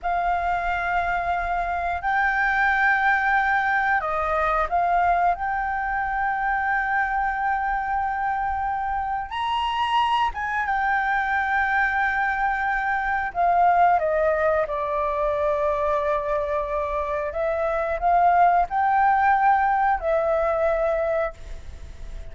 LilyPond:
\new Staff \with { instrumentName = "flute" } { \time 4/4 \tempo 4 = 90 f''2. g''4~ | g''2 dis''4 f''4 | g''1~ | g''2 ais''4. gis''8 |
g''1 | f''4 dis''4 d''2~ | d''2 e''4 f''4 | g''2 e''2 | }